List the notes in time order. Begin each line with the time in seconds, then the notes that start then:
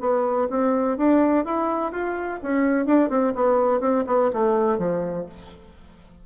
0.00 B3
0.50 C4
0.97 D4
1.45 E4
1.92 F4
2.43 C#4
2.86 D4
3.09 C4
3.35 B3
3.80 C4
4.07 B3
4.33 A3
4.78 F3